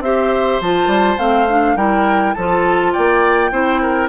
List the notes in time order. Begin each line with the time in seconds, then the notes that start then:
0.00 C4 G4 C5 E5
0.60 F3 F4 A5
0.87 G3
1.17 A3 C4 F5
1.49 D4
1.75 G3 E4 A#4 G5
2.33 F3 F4 A4 A5
2.92 A#3 D5 G5
3.51 C4 E4 C5
3.81 A#4